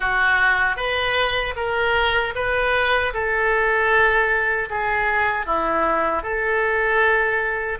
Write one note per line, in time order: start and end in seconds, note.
0.00 0.76 F#4
0.76 1.54 B4
1.55 2.33 A#4
2.35 3.13 B4
3.13 4.69 A4
4.70 5.45 G#4
5.45 6.23 E4
6.23 7.79 A4